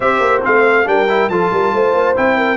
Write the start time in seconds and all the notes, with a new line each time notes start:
0.00 C4 G4 C5 E5
0.20 A#3
0.42 A3 C4 F5
0.84 G3 D4 A#4 G5
1.08 E4
1.29 F3 F4 A4 A5
1.52 G3 A#4
1.72 A3 C5
1.93 A#3
2.15 C4 E4 G5
2.37 A#4